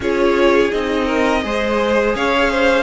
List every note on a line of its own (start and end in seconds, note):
0.00 0.71 C#4
0.00 0.71 F4
0.00 1.06 G#4
0.00 0.71 C#5
0.71 1.44 C4
0.71 1.42 D#4
0.71 2.14 D#5
1.06 1.41 A#4
1.42 2.15 G#3
1.42 2.83 G#4
1.42 2.15 C5
2.15 2.83 C#4
2.15 2.50 C#5
2.15 2.83 F5
2.50 2.83 C5